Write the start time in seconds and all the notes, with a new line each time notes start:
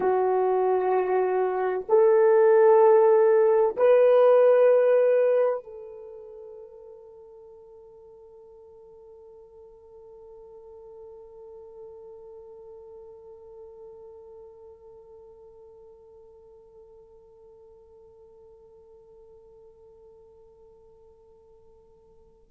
0.00 F#4
1.88 A4
3.76 B4
5.63 A4